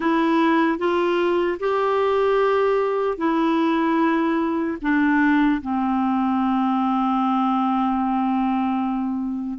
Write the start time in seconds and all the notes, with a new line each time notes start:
0.00 E4
0.78 F4
1.59 G4
3.17 E4
4.81 D4
5.61 C4